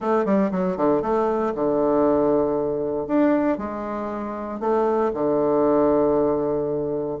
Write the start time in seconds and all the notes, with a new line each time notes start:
0.00 A3
0.25 G3
0.51 F#3
0.76 D3
1.02 A3
1.55 D3
3.07 D4
3.58 G#3
4.60 A3
5.13 D3